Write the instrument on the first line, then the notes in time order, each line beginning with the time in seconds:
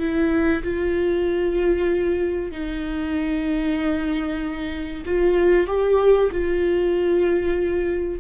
viola
0.00 E4
0.63 F4
2.52 D#4
5.06 F4
5.68 G4
6.32 F4